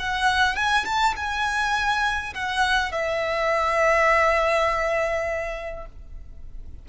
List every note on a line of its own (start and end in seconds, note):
0.00 0.56 F#5
0.56 0.86 G#5
0.86 1.15 A5
1.17 2.34 G#5
2.35 2.93 F#5
2.93 5.87 E5